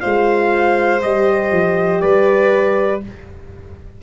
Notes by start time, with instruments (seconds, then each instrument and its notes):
0.00 tuba G#3, horn F4, violin C5, trumpet F5
1.02 tuba G3, horn G4, trumpet D#5
1.51 tuba F3
2.00 tuba G3, violin B4, trumpet D5